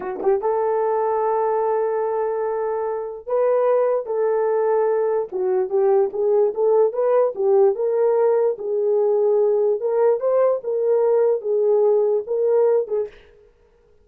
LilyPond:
\new Staff \with { instrumentName = "horn" } { \time 4/4 \tempo 4 = 147 fis'8 g'8 a'2.~ | a'1 | b'2 a'2~ | a'4 fis'4 g'4 gis'4 |
a'4 b'4 g'4 ais'4~ | ais'4 gis'2. | ais'4 c''4 ais'2 | gis'2 ais'4. gis'8 | }